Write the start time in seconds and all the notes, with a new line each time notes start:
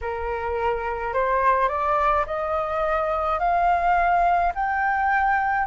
0.01 A#4
1.13 C5
1.68 D5
2.26 D#5
3.39 F5
4.54 G5